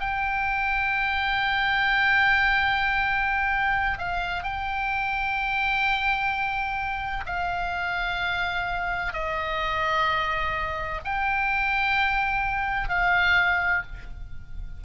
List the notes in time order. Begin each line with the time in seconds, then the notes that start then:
0.00 G5
3.98 F5
4.43 G5
7.26 F5
9.13 D#5
11.04 G5
12.89 F5